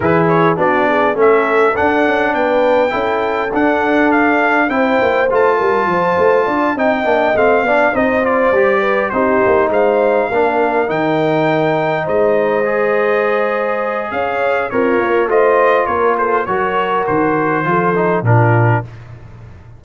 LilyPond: <<
  \new Staff \with { instrumentName = "trumpet" } { \time 4/4 \tempo 4 = 102 b'8 cis''8 d''4 e''4 fis''4 | g''2 fis''4 f''4 | g''4 a''2~ a''8 g''8~ | g''8 f''4 dis''8 d''4. c''8~ |
c''8 f''2 g''4.~ | g''8 dis''2.~ dis''8 | f''4 cis''4 dis''4 cis''8 c''8 | cis''4 c''2 ais'4 | }
  \new Staff \with { instrumentName = "horn" } { \time 4/4 gis'4 fis'8 gis'8 a'2 | b'4 a'2. | c''4. ais'8 c''4 d''8 dis''8~ | dis''4 d''8 c''4. b'8 g'8~ |
g'8 c''4 ais'2~ ais'8~ | ais'8 c''2.~ c''8 | cis''4 f'4 c''4 ais'8 a'8 | ais'2 a'4 f'4 | }
  \new Staff \with { instrumentName = "trombone" } { \time 4/4 e'4 d'4 cis'4 d'4~ | d'4 e'4 d'2 | e'4 f'2~ f'8 dis'8 | d'8 c'8 d'8 dis'8 f'8 g'4 dis'8~ |
dis'4. d'4 dis'4.~ | dis'4. gis'2~ gis'8~ | gis'4 ais'4 f'2 | fis'2 f'8 dis'8 d'4 | }
  \new Staff \with { instrumentName = "tuba" } { \time 4/4 e4 b4 a4 d'8 cis'8 | b4 cis'4 d'2 | c'8 ais8 a8 g8 f8 a8 d'8 c'8 | ais8 a8 b8 c'4 g4 c'8 |
ais8 gis4 ais4 dis4.~ | dis8 gis2.~ gis8 | cis'4 c'8 ais8 a4 ais4 | fis4 dis4 f4 ais,4 | }
>>